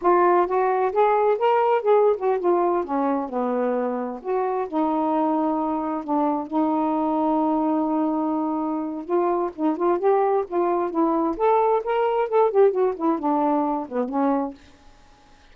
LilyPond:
\new Staff \with { instrumentName = "saxophone" } { \time 4/4 \tempo 4 = 132 f'4 fis'4 gis'4 ais'4 | gis'8. fis'8 f'4 cis'4 b8.~ | b4~ b16 fis'4 dis'4.~ dis'16~ | dis'4~ dis'16 d'4 dis'4.~ dis'16~ |
dis'1 | f'4 dis'8 f'8 g'4 f'4 | e'4 a'4 ais'4 a'8 g'8 | fis'8 e'8 d'4. b8 cis'4 | }